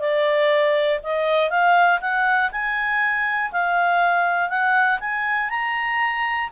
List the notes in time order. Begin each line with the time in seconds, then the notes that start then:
0.00 D5
1.03 D#5
1.50 F5
2.01 F#5
2.52 G#5
3.52 F5
4.49 F#5
5.00 G#5
5.50 A#5